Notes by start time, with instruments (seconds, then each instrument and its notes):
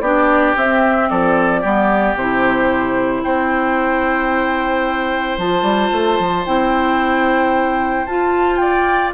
0.00 bassoon B3, clarinet D4, oboe G4, flute D5
0.56 bassoon C4, clarinet C4, flute E5
1.09 bassoon F3, oboe A4, flute D5
1.61 bassoon G3, clarinet B3, oboe G4
2.15 bassoon C3, clarinet E4, flute C5
3.23 bassoon C4, oboe C5, flute G5
5.37 bassoon F3, clarinet F4, flute A5
5.62 bassoon G3
5.92 bassoon A3
6.19 bassoon F3
6.45 bassoon C4, clarinet E4, flute G5
8.06 bassoon F4, clarinet F4, flute A5
8.56 oboe D5, flute G5